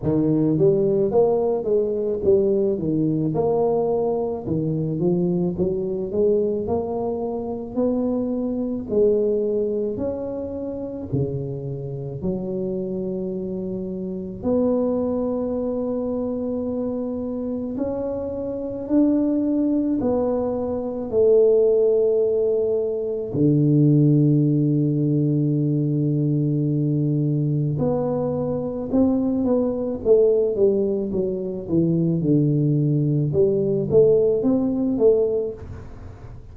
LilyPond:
\new Staff \with { instrumentName = "tuba" } { \time 4/4 \tempo 4 = 54 dis8 g8 ais8 gis8 g8 dis8 ais4 | dis8 f8 fis8 gis8 ais4 b4 | gis4 cis'4 cis4 fis4~ | fis4 b2. |
cis'4 d'4 b4 a4~ | a4 d2.~ | d4 b4 c'8 b8 a8 g8 | fis8 e8 d4 g8 a8 c'8 a8 | }